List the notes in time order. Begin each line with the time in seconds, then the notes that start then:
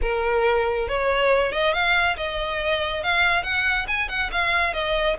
0.01 A#4
0.88 C#5
1.52 D#5
1.73 F5
2.16 D#5
3.03 F5
3.43 F#5
3.87 G#5
4.08 F#5
4.31 F5
4.73 D#5